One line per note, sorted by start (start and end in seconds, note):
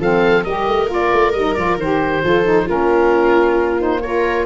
0.00 0.45 F3
0.00 0.47 C4
0.00 0.45 A4
0.00 0.45 F5
0.45 0.68 G3
0.45 0.87 G4
0.45 2.24 A#4
0.45 0.89 D#5
0.68 0.89 A3
0.87 1.11 A#3
0.87 1.32 F4
0.94 1.33 D5
1.14 1.34 A3
1.33 1.57 G3
1.33 1.57 D#4
1.33 1.55 D#5
1.55 1.78 F3
1.55 1.79 F4
1.55 1.77 D5
1.78 2.22 D#3
1.78 2.24 G4
1.78 2.70 C5
2.24 2.69 F3
2.24 2.45 F4
2.24 2.66 A4
2.45 2.67 D#4
2.66 4.47 A#3
2.66 3.79 C#4
2.66 4.00 F4
2.66 3.82 A#4
3.79 4.01 D#4
3.79 4.02 C5
4.02 4.47 F4
4.02 4.47 A#4
4.02 4.47 C#5